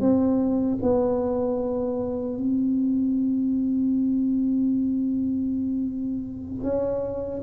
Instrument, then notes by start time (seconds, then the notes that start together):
tuba
0.00 C4
0.82 B3
2.37 C4
6.63 C#4